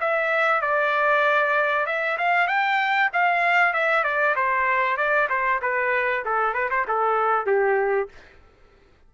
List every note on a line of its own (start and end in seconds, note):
0.00 0.61 E5
0.61 1.86 D5
1.86 2.17 E5
2.17 2.47 F5
2.47 3.09 G5
3.13 3.73 F5
3.73 4.03 E5
4.03 4.35 D5
4.36 4.97 C5
4.97 5.28 D5
5.29 5.61 C5
5.61 6.24 B4
6.25 6.53 A4
6.53 6.69 B4
6.70 6.86 C5
6.88 7.46 A4
7.46 8.08 G4